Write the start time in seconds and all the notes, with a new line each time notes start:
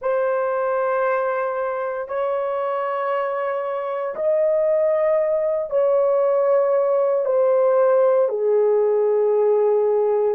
0.01 C5
2.08 C#5
4.15 D#5
5.69 C#5
7.25 C5
8.28 G#4